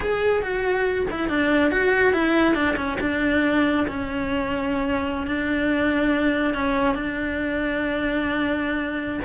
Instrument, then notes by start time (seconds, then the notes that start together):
cello
0.00 G#4
0.42 F#4
1.10 E4
1.29 D4
1.71 F#4
2.13 E4
2.54 D4
2.76 C#4
3.00 D4
3.87 C#4
5.26 D4
6.54 C#4
6.94 D4